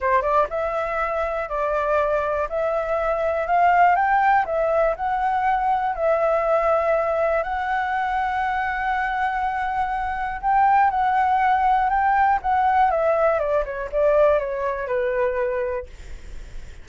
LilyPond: \new Staff \with { instrumentName = "flute" } { \time 4/4 \tempo 4 = 121 c''8 d''8 e''2 d''4~ | d''4 e''2 f''4 | g''4 e''4 fis''2 | e''2. fis''4~ |
fis''1~ | fis''4 g''4 fis''2 | g''4 fis''4 e''4 d''8 cis''8 | d''4 cis''4 b'2 | }